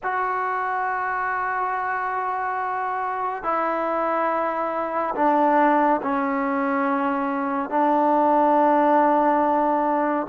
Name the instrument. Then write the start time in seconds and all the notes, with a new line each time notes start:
trombone
0.03 F#4
3.43 E4
5.15 D4
6.02 C#4
7.69 D4